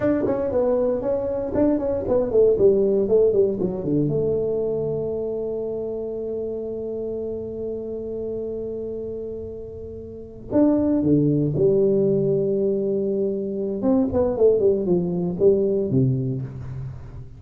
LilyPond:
\new Staff \with { instrumentName = "tuba" } { \time 4/4 \tempo 4 = 117 d'8 cis'8 b4 cis'4 d'8 cis'8 | b8 a8 g4 a8 g8 fis8 d8 | a1~ | a1~ |
a1~ | a8 d'4 d4 g4.~ | g2. c'8 b8 | a8 g8 f4 g4 c4 | }